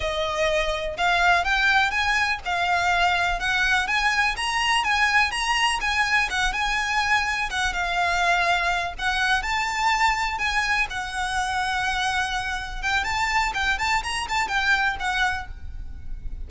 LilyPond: \new Staff \with { instrumentName = "violin" } { \time 4/4 \tempo 4 = 124 dis''2 f''4 g''4 | gis''4 f''2 fis''4 | gis''4 ais''4 gis''4 ais''4 | gis''4 fis''8 gis''2 fis''8 |
f''2~ f''8 fis''4 a''8~ | a''4. gis''4 fis''4.~ | fis''2~ fis''8 g''8 a''4 | g''8 a''8 ais''8 a''8 g''4 fis''4 | }